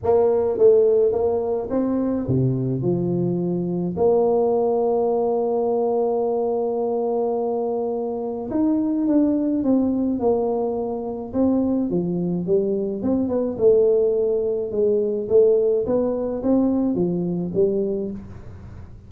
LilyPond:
\new Staff \with { instrumentName = "tuba" } { \time 4/4 \tempo 4 = 106 ais4 a4 ais4 c'4 | c4 f2 ais4~ | ais1~ | ais2. dis'4 |
d'4 c'4 ais2 | c'4 f4 g4 c'8 b8 | a2 gis4 a4 | b4 c'4 f4 g4 | }